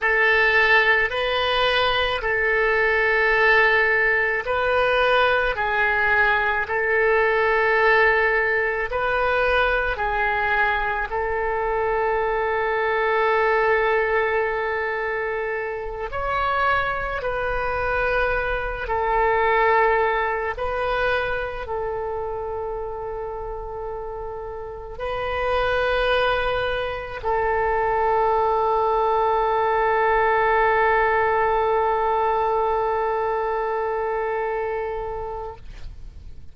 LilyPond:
\new Staff \with { instrumentName = "oboe" } { \time 4/4 \tempo 4 = 54 a'4 b'4 a'2 | b'4 gis'4 a'2 | b'4 gis'4 a'2~ | a'2~ a'8 cis''4 b'8~ |
b'4 a'4. b'4 a'8~ | a'2~ a'8 b'4.~ | b'8 a'2.~ a'8~ | a'1 | }